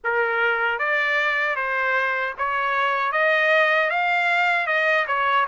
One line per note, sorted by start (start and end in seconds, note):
0.04 0.78 A#4
0.78 1.55 D5
1.55 2.33 C5
2.38 3.12 C#5
3.12 3.90 D#5
3.90 4.66 F5
4.66 5.05 D#5
5.07 5.46 C#5